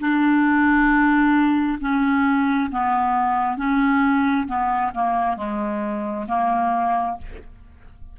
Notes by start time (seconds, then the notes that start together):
0.00 D4
1.81 C#4
2.72 B3
3.58 C#4
4.47 B3
4.95 A#3
5.37 G#3
6.28 A#3